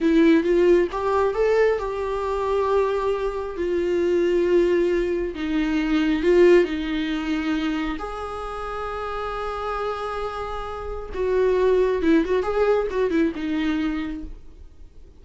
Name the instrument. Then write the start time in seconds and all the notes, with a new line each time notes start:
viola
0.01 E4
0.43 F4
0.91 G4
1.34 A4
1.79 G4
3.56 F4
5.34 D#4
6.22 F4
6.64 D#4
7.98 G#4
11.14 F#4
12.02 E4
12.24 F#4
12.42 G#4
12.90 F#4
13.10 E4
13.35 D#4